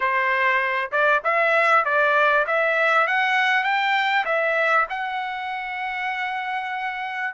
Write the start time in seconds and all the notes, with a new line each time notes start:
0.00 C5
0.91 D5
1.24 E5
1.85 D5
2.46 E5
3.07 F#5
3.63 G5
4.25 E5
4.89 F#5